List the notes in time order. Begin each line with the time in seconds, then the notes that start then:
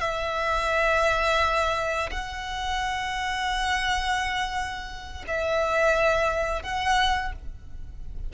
0.00 E5
2.10 F#5
5.27 E5
6.62 F#5